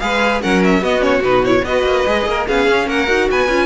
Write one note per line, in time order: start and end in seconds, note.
0.00 0.44 G#3
0.00 0.42 G#4
0.00 0.42 B4
0.00 0.41 F5
0.42 0.81 F#3
0.42 0.82 C#4
0.42 0.82 A#4
0.42 0.63 F#5
0.64 0.84 E5
0.81 1.22 B3
0.81 1.00 B3
0.81 1.64 F#4
0.81 1.03 D#5
1.00 1.21 C#4
1.00 1.23 C#5
1.22 1.63 B2
1.22 1.43 D#4
1.22 1.45 B4
1.43 1.64 E4
1.43 1.65 C#5
1.64 1.84 B3
1.64 2.07 F#4
1.64 2.29 B4
1.64 2.47 D#5
1.84 2.05 A#3
2.07 2.26 G#3
2.07 2.48 G#4
2.26 2.46 A#3
2.26 2.48 A#4
2.48 2.68 B3
2.48 3.07 C#4
2.48 2.88 G#4
2.48 2.89 F5
2.68 2.87 C#4
2.87 3.08 A#3
2.87 3.29 A#4
2.87 3.30 F#5
3.07 3.29 D#4
3.07 3.48 F#4
3.31 3.48 B3
3.31 3.66 B4
3.31 3.66 G#5
3.48 3.66 C#4
3.48 3.66 F4